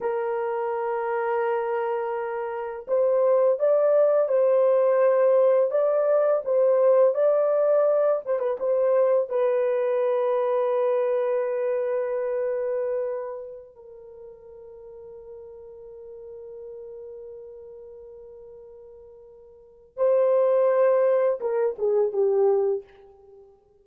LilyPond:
\new Staff \with { instrumentName = "horn" } { \time 4/4 \tempo 4 = 84 ais'1 | c''4 d''4 c''2 | d''4 c''4 d''4. c''16 b'16 | c''4 b'2.~ |
b'2.~ b'16 ais'8.~ | ais'1~ | ais'1 | c''2 ais'8 gis'8 g'4 | }